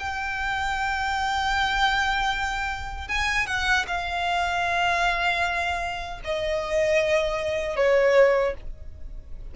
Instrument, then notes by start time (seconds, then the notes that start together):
violin
0.00 G5
3.09 G#5
3.47 F#5
3.88 F5
6.25 D#5
7.77 C#5